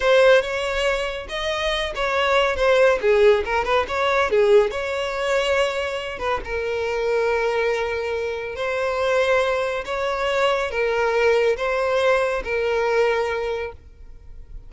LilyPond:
\new Staff \with { instrumentName = "violin" } { \time 4/4 \tempo 4 = 140 c''4 cis''2 dis''4~ | dis''8 cis''4. c''4 gis'4 | ais'8 b'8 cis''4 gis'4 cis''4~ | cis''2~ cis''8 b'8 ais'4~ |
ais'1 | c''2. cis''4~ | cis''4 ais'2 c''4~ | c''4 ais'2. | }